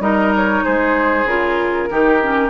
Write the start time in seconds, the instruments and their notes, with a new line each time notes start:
0.00 bassoon G3, clarinet D#4, oboe A#4, flute D#5
0.36 flute C#5
0.65 bassoon G#3, oboe G#4, flute C5
1.25 bassoon C#3, clarinet F4, flute A#4
1.90 bassoon D#3, clarinet D#4, oboe G4
2.22 clarinet C#4